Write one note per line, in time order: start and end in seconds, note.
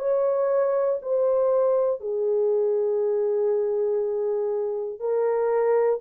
0.00 1.00 C#5
1.02 2.01 C5
2.01 5.00 G#4
5.00 6.00 A#4